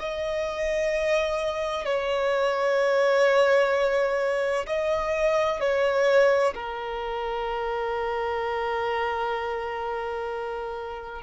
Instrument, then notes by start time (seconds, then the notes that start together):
violin
0.00 D#5
1.85 C#5
4.67 D#5
5.60 C#5
6.55 A#4